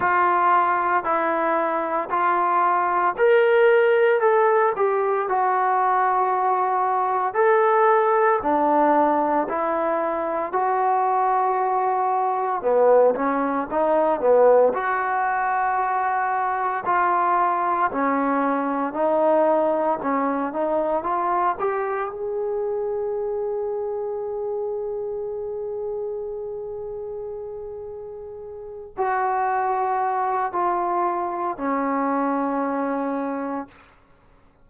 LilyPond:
\new Staff \with { instrumentName = "trombone" } { \time 4/4 \tempo 4 = 57 f'4 e'4 f'4 ais'4 | a'8 g'8 fis'2 a'4 | d'4 e'4 fis'2 | b8 cis'8 dis'8 b8 fis'2 |
f'4 cis'4 dis'4 cis'8 dis'8 | f'8 g'8 gis'2.~ | gis'2.~ gis'8 fis'8~ | fis'4 f'4 cis'2 | }